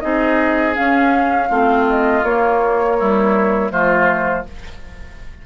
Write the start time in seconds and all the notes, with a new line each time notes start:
0.00 C4 D#4 G#4 D#5
0.74 C#4 F5
1.48 A3 C4 F4
1.89 D#5
2.23 A#3 C#5
2.98 G3 E4
3.70 F3 A3 F4 C5